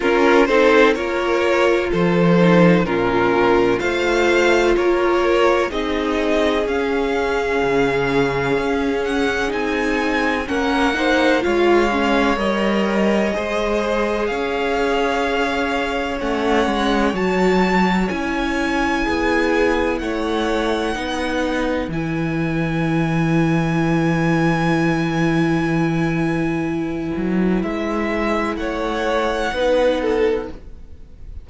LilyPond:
<<
  \new Staff \with { instrumentName = "violin" } { \time 4/4 \tempo 4 = 63 ais'8 c''8 cis''4 c''4 ais'4 | f''4 cis''4 dis''4 f''4~ | f''4. fis''8 gis''4 fis''4 | f''4 dis''2 f''4~ |
f''4 fis''4 a''4 gis''4~ | gis''4 fis''2 gis''4~ | gis''1~ | gis''4 e''4 fis''2 | }
  \new Staff \with { instrumentName = "violin" } { \time 4/4 f'8 a'8 ais'4 a'4 f'4 | c''4 ais'4 gis'2~ | gis'2. ais'8 c''8 | cis''2 c''4 cis''4~ |
cis''1 | gis'4 cis''4 b'2~ | b'1~ | b'2 cis''4 b'8 a'8 | }
  \new Staff \with { instrumentName = "viola" } { \time 4/4 cis'8 dis'8 f'4. dis'8 cis'4 | f'2 dis'4 cis'4~ | cis'2 dis'4 cis'8 dis'8 | f'8 cis'8 ais'4 gis'2~ |
gis'4 cis'4 fis'4 e'4~ | e'2 dis'4 e'4~ | e'1~ | e'2. dis'4 | }
  \new Staff \with { instrumentName = "cello" } { \time 4/4 cis'8 c'8 ais4 f4 ais,4 | a4 ais4 c'4 cis'4 | cis4 cis'4 c'4 ais4 | gis4 g4 gis4 cis'4~ |
cis'4 a8 gis8 fis4 cis'4 | b4 a4 b4 e4~ | e1~ | e8 fis8 gis4 a4 b4 | }
>>